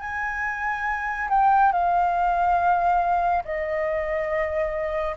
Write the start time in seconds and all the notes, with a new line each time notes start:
0.00 G#5
1.29 G5
1.72 F5
3.44 D#5